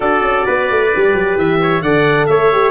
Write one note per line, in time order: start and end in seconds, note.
0.00 0.21 D4
0.00 0.90 F#4
0.00 0.46 A4
0.00 1.38 D5
0.21 0.44 C#4
0.46 0.70 B3
0.46 1.60 B4
0.70 0.93 A3
0.94 1.13 G3
0.94 1.83 G4
1.13 1.36 F#3
1.36 1.81 E3
1.36 1.82 E5
1.61 1.83 C#5
1.81 2.27 D3
1.81 2.52 A4
1.81 2.28 D5
1.81 2.26 F#5
2.26 2.70 A3
2.26 2.70 C#5
2.26 2.70 E5
2.52 2.70 G4